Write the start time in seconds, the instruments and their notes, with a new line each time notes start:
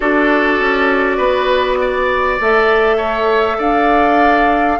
0.00 bassoon D4, clarinet F#4, oboe A4, flute D5
0.59 bassoon C#4
1.17 bassoon B3, oboe B4
1.81 oboe D5
2.40 bassoon A3, clarinet A4, flute E5
2.96 oboe C#5
3.58 bassoon D4, oboe D5, flute F5